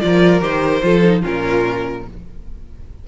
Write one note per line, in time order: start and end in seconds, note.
0.00 0.41 F3
0.00 0.40 F4
0.00 0.84 A#4
0.00 0.41 D5
0.40 0.81 D#3
0.40 0.81 G4
0.40 1.22 C5
0.81 1.23 F3
0.81 1.02 F4
0.81 1.21 A4
1.03 1.22 D#4
1.21 2.08 A#2
1.21 2.03 C#4
1.21 2.02 F4
1.21 2.07 A#4